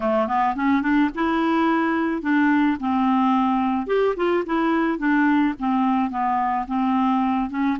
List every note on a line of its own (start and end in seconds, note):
0.00 0.27 A3
0.27 0.55 B3
0.55 0.82 C#4
0.82 1.10 D4
1.15 2.21 E4
2.21 2.77 D4
2.80 3.86 C4
3.86 4.14 G4
4.16 4.44 F4
4.46 4.98 E4
4.98 5.54 D4
5.59 6.10 C4
6.10 6.66 B3
6.67 7.49 C4
7.49 7.77 C#4